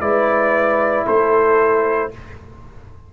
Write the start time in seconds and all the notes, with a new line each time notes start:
0.00 G#3 E4 B4 D5
1.05 A3 A4 C5